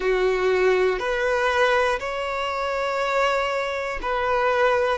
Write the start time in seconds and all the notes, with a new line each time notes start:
0.00 F#4
0.99 B4
2.00 C#5
4.01 B4